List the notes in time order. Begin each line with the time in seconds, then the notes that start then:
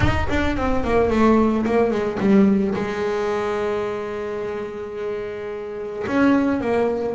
0.00 D#4
0.29 D4
0.57 C4
0.84 A#3
1.10 A3
1.65 A#3
1.90 G#3
2.19 G3
2.75 G#3
6.07 C#4
6.61 A#3